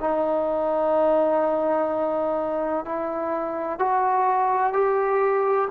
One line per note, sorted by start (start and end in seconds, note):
0.00 2.85 D#4
2.85 3.79 E4
3.79 4.73 F#4
4.73 5.68 G4